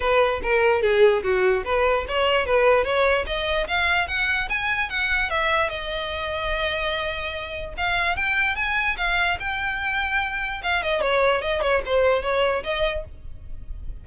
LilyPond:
\new Staff \with { instrumentName = "violin" } { \time 4/4 \tempo 4 = 147 b'4 ais'4 gis'4 fis'4 | b'4 cis''4 b'4 cis''4 | dis''4 f''4 fis''4 gis''4 | fis''4 e''4 dis''2~ |
dis''2. f''4 | g''4 gis''4 f''4 g''4~ | g''2 f''8 dis''8 cis''4 | dis''8 cis''8 c''4 cis''4 dis''4 | }